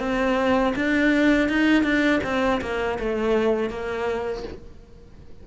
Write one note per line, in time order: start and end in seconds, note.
0.00 0.74 C4
0.76 1.49 D4
1.49 1.84 D#4
1.84 2.21 D4
2.24 2.61 C4
2.62 2.99 A#3
3.00 3.70 A3
3.70 4.44 A#3